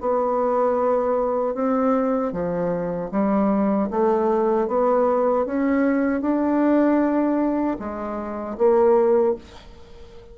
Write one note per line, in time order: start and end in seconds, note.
0.00 1.54 B3
1.54 2.32 C4
2.32 3.10 F3
3.11 3.89 G3
3.90 4.68 A3
4.68 5.45 B3
5.45 6.21 C#4
6.21 7.77 D4
7.79 8.57 G#3
8.57 9.35 A#3